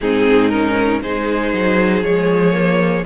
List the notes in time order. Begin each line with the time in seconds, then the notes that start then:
0.00 G#2 C4 D#4 G#4
0.49 C#4 A#4
1.02 G#3 D#4 G#4 C5
1.53 F#3
2.02 F3 G#3 C#5
2.52 A#3